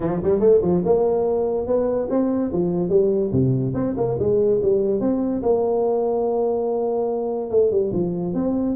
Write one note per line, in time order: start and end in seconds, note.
0.00 0.21 F3
0.23 0.40 G3
0.40 0.60 A3
0.61 0.82 F3
0.85 1.66 A#3
1.66 2.08 B3
2.10 2.51 C4
2.52 2.89 F3
2.89 3.31 G3
3.32 3.73 C3
3.74 3.95 C4
3.96 4.17 A#3
4.19 4.60 G#3
4.62 5.00 G3
5.00 5.42 C4
5.42 7.50 A#3
7.50 7.71 A3
7.71 7.92 G3
7.93 8.33 F3
8.33 8.75 C4